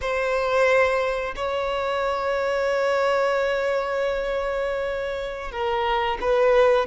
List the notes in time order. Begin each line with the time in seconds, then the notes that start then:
0.01 C5
1.35 C#5
5.51 A#4
6.20 B4